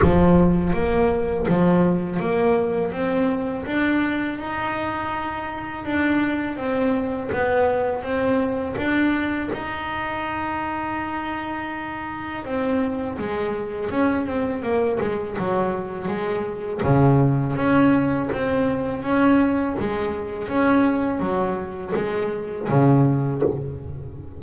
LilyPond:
\new Staff \with { instrumentName = "double bass" } { \time 4/4 \tempo 4 = 82 f4 ais4 f4 ais4 | c'4 d'4 dis'2 | d'4 c'4 b4 c'4 | d'4 dis'2.~ |
dis'4 c'4 gis4 cis'8 c'8 | ais8 gis8 fis4 gis4 cis4 | cis'4 c'4 cis'4 gis4 | cis'4 fis4 gis4 cis4 | }